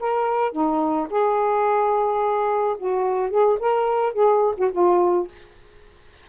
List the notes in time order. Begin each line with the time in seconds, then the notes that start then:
0.00 A#4
0.52 D#4
1.10 G#4
2.78 F#4
3.30 G#4
3.59 A#4
4.13 G#4
4.57 F#4
4.72 F4